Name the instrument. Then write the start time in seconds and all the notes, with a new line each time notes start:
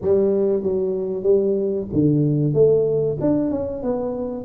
tuba
0.01 G3
0.62 F#3
1.23 G3
1.92 D3
2.53 A3
3.20 D4
3.50 C#4
3.82 B3